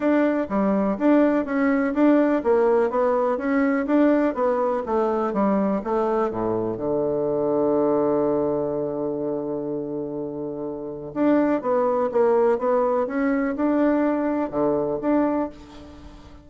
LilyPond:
\new Staff \with { instrumentName = "bassoon" } { \time 4/4 \tempo 4 = 124 d'4 g4 d'4 cis'4 | d'4 ais4 b4 cis'4 | d'4 b4 a4 g4 | a4 a,4 d2~ |
d1~ | d2. d'4 | b4 ais4 b4 cis'4 | d'2 d4 d'4 | }